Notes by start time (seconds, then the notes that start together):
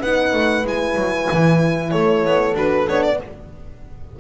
0.00 B3 D#4 B4 F#5
0.33 A3
0.64 G#3 E4 G#5
0.96 F#3
1.32 E3
1.91 A3 A4 C#5
2.26 B3
2.55 D4 F#4 B4
2.87 B3 D4 C#5
3.04 D5